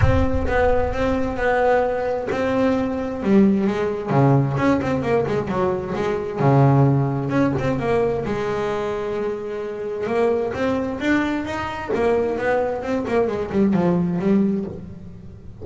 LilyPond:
\new Staff \with { instrumentName = "double bass" } { \time 4/4 \tempo 4 = 131 c'4 b4 c'4 b4~ | b4 c'2 g4 | gis4 cis4 cis'8 c'8 ais8 gis8 | fis4 gis4 cis2 |
cis'8 c'8 ais4 gis2~ | gis2 ais4 c'4 | d'4 dis'4 ais4 b4 | c'8 ais8 gis8 g8 f4 g4 | }